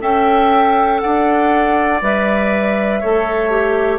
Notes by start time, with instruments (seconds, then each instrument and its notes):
0.00 bassoon C#4, clarinet A4, oboe E5, flute G5
1.00 bassoon D4, oboe D5, flute F#5
2.02 bassoon G3, clarinet B4, flute E5
3.00 bassoon A3, clarinet A4, oboe C#5
3.50 clarinet G4